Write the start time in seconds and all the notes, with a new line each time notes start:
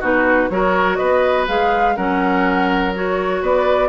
0.00 B2 D#4 F#4 B4
0.50 F#3 F#4 A#4 C#5
0.96 B3 B4 D#5
1.48 G#3 G#4 F5
1.96 F#3 C#4 A#4 F#5
2.95 F#4 C#5
3.42 B3 B4 D5